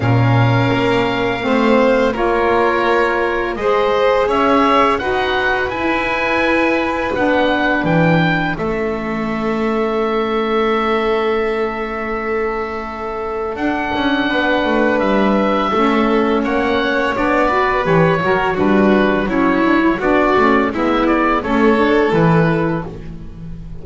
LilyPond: <<
  \new Staff \with { instrumentName = "oboe" } { \time 4/4 \tempo 4 = 84 f''2. cis''4~ | cis''4 dis''4 e''4 fis''4 | gis''2 fis''4 g''4 | e''1~ |
e''2. fis''4~ | fis''4 e''2 fis''4 | d''4 cis''4 b'4 cis''4 | d''4 e''8 d''8 cis''4 b'4 | }
  \new Staff \with { instrumentName = "violin" } { \time 4/4 ais'2 c''4 ais'4~ | ais'4 c''4 cis''4 b'4~ | b'1 | a'1~ |
a'1 | b'2 a'4 cis''4~ | cis''8 b'4 ais'8 fis'4 e'4 | fis'4 e'4 a'2 | }
  \new Staff \with { instrumentName = "saxophone" } { \time 4/4 cis'2 c'4 f'4~ | f'4 gis'2 fis'4 | e'2 d'2 | cis'1~ |
cis'2. d'4~ | d'2 cis'2 | d'8 fis'8 g'8 fis'8 d'4 cis'8 d'16 e'16 | d'8 cis'8 b4 cis'8 d'8 e'4 | }
  \new Staff \with { instrumentName = "double bass" } { \time 4/4 ais,4 ais4 a4 ais4~ | ais4 gis4 cis'4 dis'4 | e'2 b4 e4 | a1~ |
a2. d'8 cis'8 | b8 a8 g4 a4 ais4 | b4 e8 fis8 g4 fis4 | b8 a8 gis4 a4 e4 | }
>>